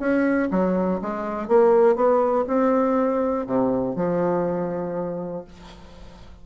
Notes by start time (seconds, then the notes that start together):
0.00 C#4
0.51 F#3
1.02 G#3
1.49 A#3
1.96 B3
2.48 C4
3.47 C3
3.96 F3